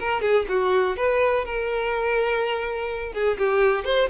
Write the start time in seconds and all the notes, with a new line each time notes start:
0.00 A#4
0.22 G#4
0.49 F#4
0.97 B4
1.45 A#4
3.13 G#4
3.38 G4
3.85 C5